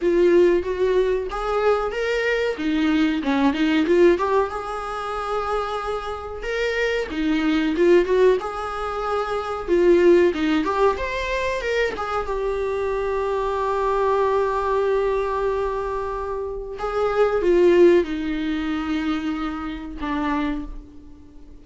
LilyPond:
\new Staff \with { instrumentName = "viola" } { \time 4/4 \tempo 4 = 93 f'4 fis'4 gis'4 ais'4 | dis'4 cis'8 dis'8 f'8 g'8 gis'4~ | gis'2 ais'4 dis'4 | f'8 fis'8 gis'2 f'4 |
dis'8 g'8 c''4 ais'8 gis'8 g'4~ | g'1~ | g'2 gis'4 f'4 | dis'2. d'4 | }